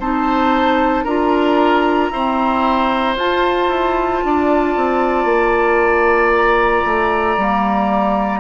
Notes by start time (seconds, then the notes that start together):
0.00 C4 D#4 C5 A5
1.04 D4 F4 A#4 A#5
2.10 C4 E4 C5
3.16 F4 A5
3.69 E4
4.25 D4 D5
4.77 C4
5.25 A#3
6.37 A#5
6.86 A3
7.37 G3 A#3